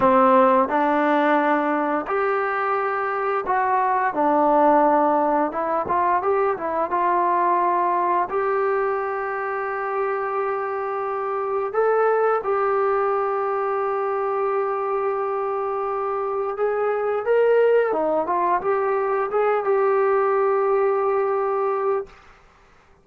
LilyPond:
\new Staff \with { instrumentName = "trombone" } { \time 4/4 \tempo 4 = 87 c'4 d'2 g'4~ | g'4 fis'4 d'2 | e'8 f'8 g'8 e'8 f'2 | g'1~ |
g'4 a'4 g'2~ | g'1 | gis'4 ais'4 dis'8 f'8 g'4 | gis'8 g'2.~ g'8 | }